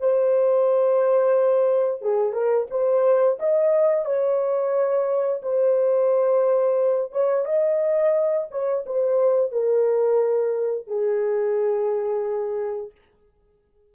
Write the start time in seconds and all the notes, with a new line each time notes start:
0.00 C5
2.02 G#4
2.33 A#4
2.70 C5
3.39 D#5
4.05 C#5
5.42 C5
7.12 C#5
7.45 D#5
8.51 C#5
8.86 C5
9.52 A#4
10.87 G#4